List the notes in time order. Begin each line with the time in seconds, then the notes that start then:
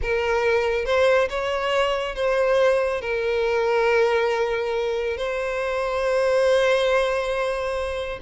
0.01 A#4
0.85 C5
1.29 C#5
2.15 C5
3.01 A#4
5.17 C5